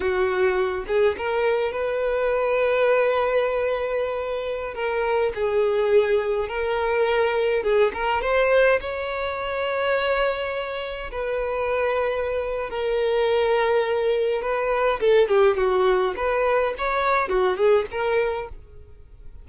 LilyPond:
\new Staff \with { instrumentName = "violin" } { \time 4/4 \tempo 4 = 104 fis'4. gis'8 ais'4 b'4~ | b'1~ | b'16 ais'4 gis'2 ais'8.~ | ais'4~ ais'16 gis'8 ais'8 c''4 cis''8.~ |
cis''2.~ cis''16 b'8.~ | b'2 ais'2~ | ais'4 b'4 a'8 g'8 fis'4 | b'4 cis''4 fis'8 gis'8 ais'4 | }